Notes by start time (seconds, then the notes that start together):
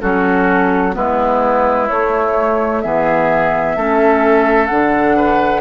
0.00 F#3 C#4 F#4 A4
0.92 G#3 B3 E4 B4
1.88 A3 C#5
2.81 E3 B3 G#4 E5
3.76 A3 C#4 A4
4.66 D3 D4 F#5
5.16 B4